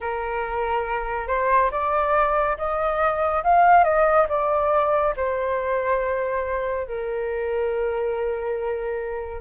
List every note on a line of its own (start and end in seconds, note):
0.00 1.27 A#4
1.27 1.70 C5
1.71 2.57 D5
2.57 3.43 D#5
3.43 3.84 F5
3.84 4.26 D#5
4.29 5.14 D5
5.16 6.87 C5
6.87 9.41 A#4